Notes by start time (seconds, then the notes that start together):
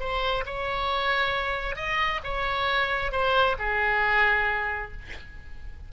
0.00 C5
0.46 C#5
1.76 D#5
2.24 C#5
3.12 C5
3.59 G#4